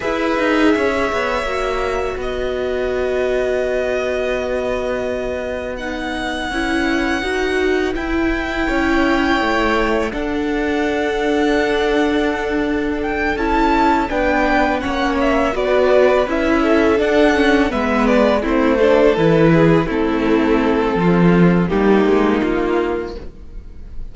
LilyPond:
<<
  \new Staff \with { instrumentName = "violin" } { \time 4/4 \tempo 4 = 83 e''2. dis''4~ | dis''1 | fis''2. g''4~ | g''2 fis''2~ |
fis''2 g''8 a''4 g''8~ | g''8 fis''8 e''8 d''4 e''4 fis''8~ | fis''8 e''8 d''8 c''4 b'4 a'8~ | a'2 g'4 f'4 | }
  \new Staff \with { instrumentName = "violin" } { \time 4/4 b'4 cis''2 b'4~ | b'1~ | b'1 | cis''2 a'2~ |
a'2.~ a'8 b'8~ | b'8 cis''4 b'4. a'4~ | a'8 b'4 e'8 a'4 gis'8 e'8~ | e'4 f'4 dis'2 | }
  \new Staff \with { instrumentName = "viola" } { \time 4/4 gis'2 fis'2~ | fis'1 | dis'4 e'4 fis'4 e'4~ | e'2 d'2~ |
d'2~ d'8 e'4 d'8~ | d'8 cis'4 fis'4 e'4 d'8 | cis'8 b4 c'8 d'8 e'4 c'8~ | c'2 ais2 | }
  \new Staff \with { instrumentName = "cello" } { \time 4/4 e'8 dis'8 cis'8 b8 ais4 b4~ | b1~ | b4 cis'4 dis'4 e'4 | cis'4 a4 d'2~ |
d'2~ d'8 cis'4 b8~ | b8 ais4 b4 cis'4 d'8~ | d'8 gis4 a4 e4 a8~ | a4 f4 g8 gis8 ais4 | }
>>